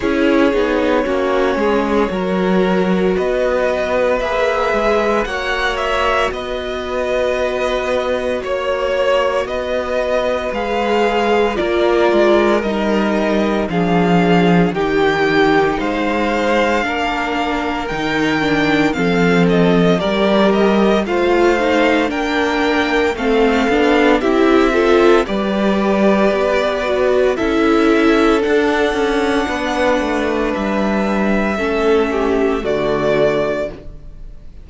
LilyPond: <<
  \new Staff \with { instrumentName = "violin" } { \time 4/4 \tempo 4 = 57 cis''2. dis''4 | e''4 fis''8 e''8 dis''2 | cis''4 dis''4 f''4 d''4 | dis''4 f''4 g''4 f''4~ |
f''4 g''4 f''8 dis''8 d''8 dis''8 | f''4 g''4 f''4 e''4 | d''2 e''4 fis''4~ | fis''4 e''2 d''4 | }
  \new Staff \with { instrumentName = "violin" } { \time 4/4 gis'4 fis'8 gis'8 ais'4 b'4~ | b'4 cis''4 b'2 | cis''4 b'2 ais'4~ | ais'4 gis'4 g'4 c''4 |
ais'2 a'4 ais'4 | c''4 ais'4 a'4 g'8 a'8 | b'2 a'2 | b'2 a'8 g'8 fis'4 | }
  \new Staff \with { instrumentName = "viola" } { \time 4/4 e'8 dis'8 cis'4 fis'2 | gis'4 fis'2.~ | fis'2 gis'4 f'4 | dis'4 d'4 dis'2 |
d'4 dis'8 d'8 c'4 g'4 | f'8 dis'8 d'4 c'8 d'8 e'8 f'8 | g'4. fis'8 e'4 d'4~ | d'2 cis'4 a4 | }
  \new Staff \with { instrumentName = "cello" } { \time 4/4 cis'8 b8 ais8 gis8 fis4 b4 | ais8 gis8 ais4 b2 | ais4 b4 gis4 ais8 gis8 | g4 f4 dis4 gis4 |
ais4 dis4 f4 g4 | a4 ais4 a8 b8 c'4 | g4 b4 cis'4 d'8 cis'8 | b8 a8 g4 a4 d4 | }
>>